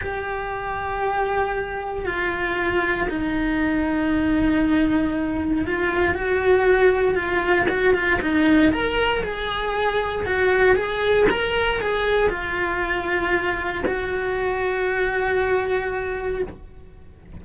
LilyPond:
\new Staff \with { instrumentName = "cello" } { \time 4/4 \tempo 4 = 117 g'1 | f'2 dis'2~ | dis'2. f'4 | fis'2 f'4 fis'8 f'8 |
dis'4 ais'4 gis'2 | fis'4 gis'4 ais'4 gis'4 | f'2. fis'4~ | fis'1 | }